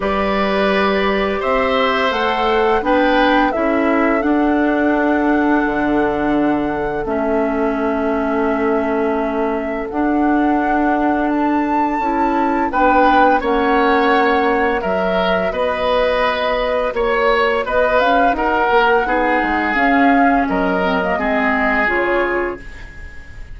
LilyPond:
<<
  \new Staff \with { instrumentName = "flute" } { \time 4/4 \tempo 4 = 85 d''2 e''4 fis''4 | g''4 e''4 fis''2~ | fis''2 e''2~ | e''2 fis''2 |
a''2 g''4 fis''4~ | fis''4 e''4 dis''2 | cis''4 dis''8 f''8 fis''2 | f''4 dis''2 cis''4 | }
  \new Staff \with { instrumentName = "oboe" } { \time 4/4 b'2 c''2 | b'4 a'2.~ | a'1~ | a'1~ |
a'2 b'4 cis''4~ | cis''4 ais'4 b'2 | cis''4 b'4 ais'4 gis'4~ | gis'4 ais'4 gis'2 | }
  \new Staff \with { instrumentName = "clarinet" } { \time 4/4 g'2. a'4 | d'4 e'4 d'2~ | d'2 cis'2~ | cis'2 d'2~ |
d'4 e'4 d'4 cis'4~ | cis'4 fis'2.~ | fis'2. dis'4 | cis'4. c'16 ais16 c'4 f'4 | }
  \new Staff \with { instrumentName = "bassoon" } { \time 4/4 g2 c'4 a4 | b4 cis'4 d'2 | d2 a2~ | a2 d'2~ |
d'4 cis'4 b4 ais4~ | ais4 fis4 b2 | ais4 b8 cis'8 dis'8 ais8 b8 gis8 | cis'4 fis4 gis4 cis4 | }
>>